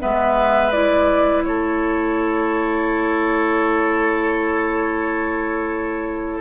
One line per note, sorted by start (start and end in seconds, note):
0.00 1.46 G#3
0.00 0.71 B3
0.00 1.44 B4
0.00 0.72 E5
0.72 6.41 E4
0.72 1.43 D5
1.45 6.41 A3
1.45 6.41 A4
1.45 6.41 C#5